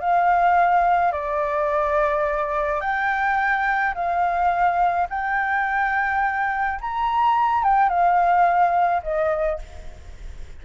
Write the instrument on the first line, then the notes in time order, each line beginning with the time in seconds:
flute
0.00 F5
1.12 D5
2.81 G5
3.94 F5
5.10 G5
6.81 A#5
7.64 G5
7.89 F5
9.03 D#5